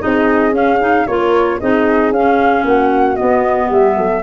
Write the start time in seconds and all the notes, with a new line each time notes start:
0.00 C4 D#4 G#4 D#5
0.52 C#4 F5
0.80 D#4
1.07 A#3 F4 A#4 C#5
1.59 C4 D#4 G#4 D#5
2.11 C#4 F5
2.65 A#3 F#4 F#5
3.16 B3 D#5
3.67 G3 G4 E5
3.97 F#3 A4